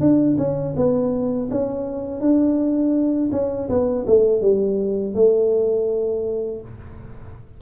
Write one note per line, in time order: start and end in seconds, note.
0.00 0.37 D4
0.38 0.74 C#4
0.76 1.49 B3
1.50 2.20 C#4
2.20 3.30 D4
3.32 3.68 C#4
3.69 4.05 B3
4.06 4.41 A3
4.41 5.14 G3
5.14 6.61 A3